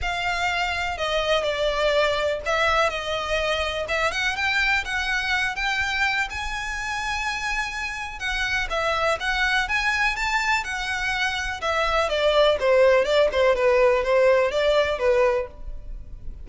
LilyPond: \new Staff \with { instrumentName = "violin" } { \time 4/4 \tempo 4 = 124 f''2 dis''4 d''4~ | d''4 e''4 dis''2 | e''8 fis''8 g''4 fis''4. g''8~ | g''4 gis''2.~ |
gis''4 fis''4 e''4 fis''4 | gis''4 a''4 fis''2 | e''4 d''4 c''4 d''8 c''8 | b'4 c''4 d''4 b'4 | }